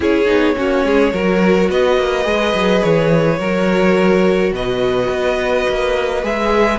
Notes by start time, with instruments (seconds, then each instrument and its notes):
0.00 cello C#4, viola E4, violin G#4 C#5
0.25 cello B3, viola D#4
0.56 cello A#3, viola C#4, violin F#4
0.84 cello G#3, violin G#4
1.13 cello F#3, viola F#4, violin A#4
1.69 cello B3, violin B4 D#5
1.97 cello A#3
2.23 cello G#3, viola G#4
2.54 cello F#3
2.83 cello E3, violin C#5
3.39 cello F#3, viola F#4, violin A#4
4.52 cello B2, violin B4 D#5
5.09 cello B3
5.69 cello A#3
6.22 cello G#3, viola G#4, violin E5